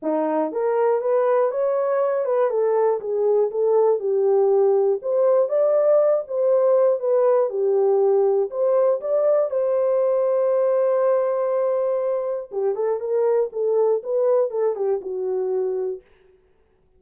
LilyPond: \new Staff \with { instrumentName = "horn" } { \time 4/4 \tempo 4 = 120 dis'4 ais'4 b'4 cis''4~ | cis''8 b'8 a'4 gis'4 a'4 | g'2 c''4 d''4~ | d''8 c''4. b'4 g'4~ |
g'4 c''4 d''4 c''4~ | c''1~ | c''4 g'8 a'8 ais'4 a'4 | b'4 a'8 g'8 fis'2 | }